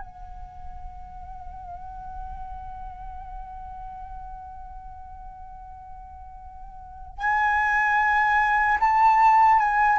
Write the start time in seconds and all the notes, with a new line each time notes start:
0.00 F#5
7.19 G#5
8.80 A5
9.59 G#5